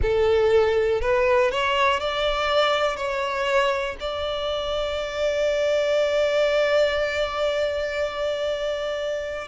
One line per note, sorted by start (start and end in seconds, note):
0.01 1.01 A4
1.01 1.50 B4
1.50 2.00 C#5
2.00 2.96 D5
2.96 3.96 C#5
4.00 9.47 D5